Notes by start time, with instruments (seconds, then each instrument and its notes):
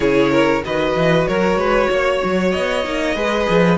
0.00 cello C#3, viola E4, violin G#4 C#5
0.31 violin A#4
0.64 cello D#3, viola F#4, violin B4 D#5
0.95 cello E3
1.27 cello F#3, violin A#4 C#5
1.56 cello G#3, violin B4
1.90 cello A#3, violin C#5
2.24 cello F#3
2.51 cello B3, violin D#5
2.83 cello A#3, viola D#4
3.15 cello G#3, viola G#4, violin B4
3.49 cello F3